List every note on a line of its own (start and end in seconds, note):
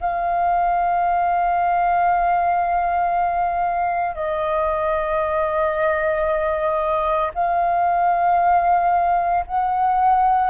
0.00 4.15 F5
4.15 7.31 D#5
7.34 9.44 F5
9.46 10.50 F#5